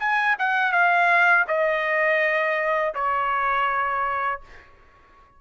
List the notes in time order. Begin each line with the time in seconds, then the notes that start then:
0.00 G#5
0.39 F#5
0.73 F5
1.48 D#5
2.95 C#5